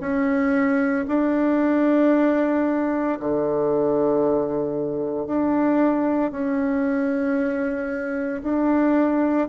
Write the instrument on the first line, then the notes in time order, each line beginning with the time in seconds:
bassoon
0.00 C#4
1.08 D4
3.19 D3
5.26 D4
6.31 C#4
8.43 D4